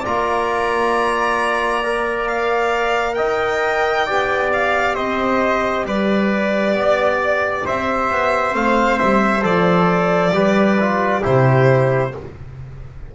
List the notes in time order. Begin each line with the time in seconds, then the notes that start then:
0.00 F4 D5 A#5
0.06 A#3
1.83 A#4
2.28 F5
3.15 D#4 D#5 G5
4.06 B3 G4 D5
4.53 F5
4.95 C4 C5 D#5
5.85 G3 B4 D5
6.73 B3
6.79 D5
7.65 C4 C5 E5
8.10 B3
8.51 A3 C4 F5
8.99 G3 E5
9.42 F3 A4 D5
10.32 G3 G4 B4
10.80 F4
11.21 C3 E4 G4 C5